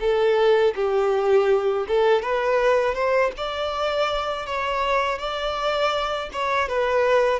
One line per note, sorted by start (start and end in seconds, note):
0.00 0.74 A4
0.75 1.87 G4
1.88 2.22 A4
2.22 2.94 B4
2.94 3.31 C5
3.37 4.46 D5
4.46 5.19 C#5
5.19 6.30 D5
6.32 6.68 C#5
6.68 7.39 B4